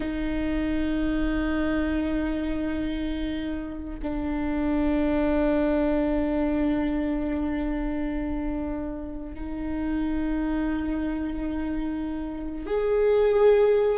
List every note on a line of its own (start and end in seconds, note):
0.00 3.99 D#4
4.02 9.34 D4
9.34 12.66 D#4
12.66 13.98 G#4